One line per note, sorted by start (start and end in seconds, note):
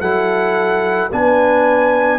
0.00 1.10 F#3
0.00 1.10 E4
0.00 1.09 A4
0.00 1.09 F#5
1.11 2.18 B3
1.11 2.18 D4
1.11 2.18 B4
1.11 2.18 G#5